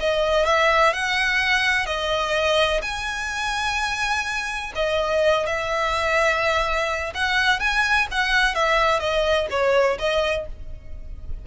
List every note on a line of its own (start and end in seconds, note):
0.00 0.46 D#5
0.46 0.94 E5
0.94 1.86 F#5
1.86 2.82 D#5
2.82 4.73 G#5
4.76 5.47 D#5
5.47 7.13 E5
7.15 7.60 F#5
7.60 8.08 G#5
8.12 8.55 F#5
8.55 9.00 E5
9.00 9.48 D#5
9.51 9.98 C#5
9.99 10.47 D#5